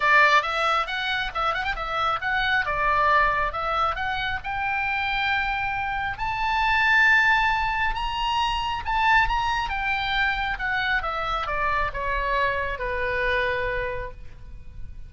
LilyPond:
\new Staff \with { instrumentName = "oboe" } { \time 4/4 \tempo 4 = 136 d''4 e''4 fis''4 e''8 fis''16 g''16 | e''4 fis''4 d''2 | e''4 fis''4 g''2~ | g''2 a''2~ |
a''2 ais''2 | a''4 ais''4 g''2 | fis''4 e''4 d''4 cis''4~ | cis''4 b'2. | }